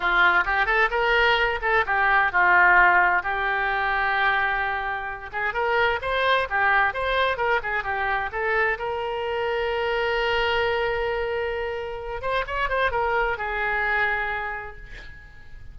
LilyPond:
\new Staff \with { instrumentName = "oboe" } { \time 4/4 \tempo 4 = 130 f'4 g'8 a'8 ais'4. a'8 | g'4 f'2 g'4~ | g'2.~ g'8 gis'8 | ais'4 c''4 g'4 c''4 |
ais'8 gis'8 g'4 a'4 ais'4~ | ais'1~ | ais'2~ ais'8 c''8 cis''8 c''8 | ais'4 gis'2. | }